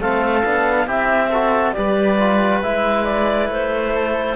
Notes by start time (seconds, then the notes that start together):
0.00 A3 C4 A4 F5
0.44 B3 D4
0.87 C4 E4 G4 E5
1.31 F#4 A4
1.72 G3 G4 B4 D5
2.20 F4
2.62 G#3 E4 E5
3.05 D5
3.49 A3 C5
3.94 A4